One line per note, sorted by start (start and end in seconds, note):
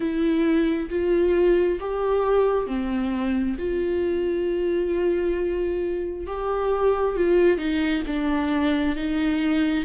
0.00 0.89 E4
0.90 1.79 F4
1.80 2.66 G4
2.66 3.56 C4
3.58 6.26 F4
6.26 7.16 G4
7.16 7.58 F4
7.58 8.02 D#4
8.06 8.96 D4
8.96 9.84 D#4